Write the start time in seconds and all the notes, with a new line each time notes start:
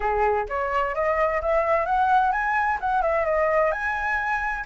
0.00 G#4
0.49 C#5
0.94 D#5
1.41 E5
1.85 F#5
2.32 G#5
2.80 F#5
3.01 E5
3.25 D#5
3.71 G#5